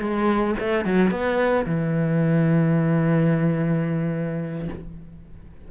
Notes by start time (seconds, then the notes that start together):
0.00 G#3
0.60 A3
0.85 F#3
1.11 B3
1.66 E3